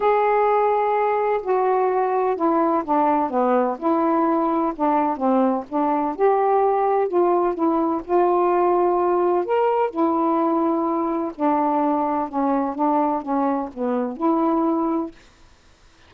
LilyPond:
\new Staff \with { instrumentName = "saxophone" } { \time 4/4 \tempo 4 = 127 gis'2. fis'4~ | fis'4 e'4 d'4 b4 | e'2 d'4 c'4 | d'4 g'2 f'4 |
e'4 f'2. | ais'4 e'2. | d'2 cis'4 d'4 | cis'4 b4 e'2 | }